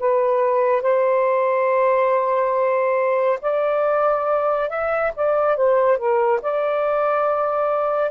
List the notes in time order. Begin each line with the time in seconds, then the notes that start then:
0.00 B4
0.82 C5
3.41 D5
4.69 E5
5.16 D5
5.57 C5
5.97 A#4
6.42 D5